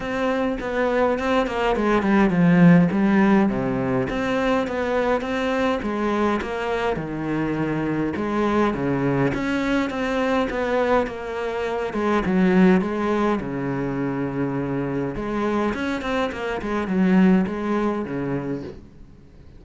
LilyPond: \new Staff \with { instrumentName = "cello" } { \time 4/4 \tempo 4 = 103 c'4 b4 c'8 ais8 gis8 g8 | f4 g4 c4 c'4 | b4 c'4 gis4 ais4 | dis2 gis4 cis4 |
cis'4 c'4 b4 ais4~ | ais8 gis8 fis4 gis4 cis4~ | cis2 gis4 cis'8 c'8 | ais8 gis8 fis4 gis4 cis4 | }